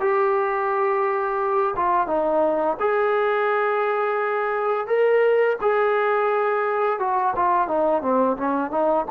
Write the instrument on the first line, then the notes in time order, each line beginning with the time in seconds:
trombone
0.00 G4
1.76 F4
2.07 D#4
2.79 G#4
4.86 A#4
5.61 G#4
6.99 F#4
7.36 F4
7.67 D#4
8.01 C4
8.37 C#4
8.71 D#4